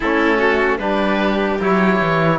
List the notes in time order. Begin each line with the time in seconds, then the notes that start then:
0.00 A3 C#4 E4 A4
0.37 F#4
0.78 G3 D4 G4 B4
1.60 F#3 E4 C#5
2.00 E3